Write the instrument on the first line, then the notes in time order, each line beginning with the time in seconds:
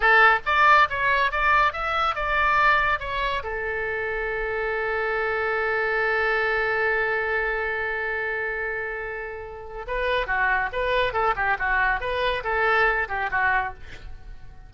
oboe
0.00 A4
0.45 D5
0.89 C#5
1.31 D5
1.72 E5
2.15 D5
2.99 C#5
3.43 A4
9.87 B4
10.26 F#4
10.72 B4
11.13 A4
11.36 G4
11.58 F#4
12.00 B4
12.43 A4
13.08 G4
13.30 F#4